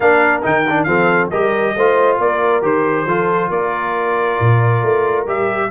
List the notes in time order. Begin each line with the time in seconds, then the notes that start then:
0.00 A#3 D4 A#4 F5
0.42 D#3 D#4 G5
0.69 D4
0.83 F3 C4 A4 F5
1.30 G3 G4 A#4 D#5
1.75 A3 F4 C5
2.18 A#3 A#4 D5
2.62 D#3 G4 C5
3.05 F3 F4 A4
3.49 A#3 A#4 D5
4.40 A#2
4.82 A3
5.26 G3 G4 E5